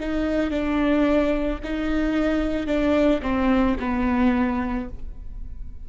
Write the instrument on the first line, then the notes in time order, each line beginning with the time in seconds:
viola
0.00 D#4
0.51 D4
1.64 D#4
2.67 D4
3.22 C4
3.80 B3